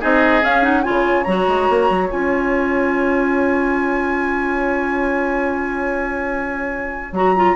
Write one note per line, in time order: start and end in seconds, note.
0.00 0.42 C4
0.00 0.42 D#4
0.00 0.83 G#4
0.00 0.44 D#5
0.42 0.84 C#4
0.42 0.62 C#4
0.42 0.64 F5
0.62 0.83 D#4
0.62 0.83 F#5
0.83 1.26 C#3
0.83 1.25 F4
0.83 7.55 C#5
0.83 1.23 G#5
1.23 1.47 F#3
1.23 2.08 F#4
1.23 2.07 A#5
1.47 1.68 G#3
1.69 1.90 A#3
1.90 2.10 F#3
2.08 7.12 C#4
2.08 7.11 F4
2.08 7.14 G#5
7.12 7.54 F#3
7.12 7.36 F#4
7.12 7.56 A#5
7.36 7.56 F4